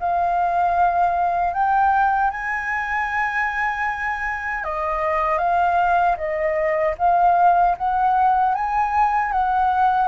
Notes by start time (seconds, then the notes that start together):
0.00 F5
1.53 G5
2.31 G#5
4.64 D#5
5.38 F5
6.17 D#5
6.98 F5
7.77 F#5
8.55 G#5
9.32 F#5